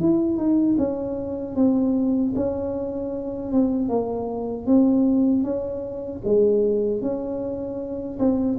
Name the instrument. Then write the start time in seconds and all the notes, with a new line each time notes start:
tuba
0.00 E4
0.37 D#4
0.78 C#4
1.55 C4
2.36 C#4
3.52 C4
3.89 A#3
4.66 C4
5.44 C#4
6.24 G#3
7.02 C#4
8.19 C4